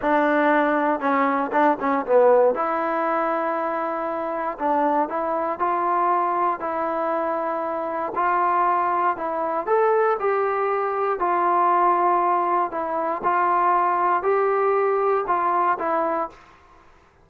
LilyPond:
\new Staff \with { instrumentName = "trombone" } { \time 4/4 \tempo 4 = 118 d'2 cis'4 d'8 cis'8 | b4 e'2.~ | e'4 d'4 e'4 f'4~ | f'4 e'2. |
f'2 e'4 a'4 | g'2 f'2~ | f'4 e'4 f'2 | g'2 f'4 e'4 | }